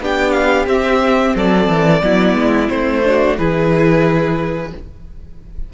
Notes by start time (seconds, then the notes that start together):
0.00 B3 D4 G4 G5
0.32 F5
0.66 C4 E5
1.36 F#3 A4 D5
1.68 E3
2.02 F#3 B3 E4
2.35 G#3
2.69 A3 C4 C5
3.05 D4 F#4
3.38 E3 E4 G#4 B4